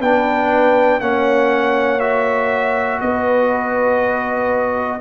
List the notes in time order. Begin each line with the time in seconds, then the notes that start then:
0.00 B3 D4 B4 G5
0.99 A#3 C#4 C#5 F#5
1.99 F#4 E5
3.00 B3 B4 D#5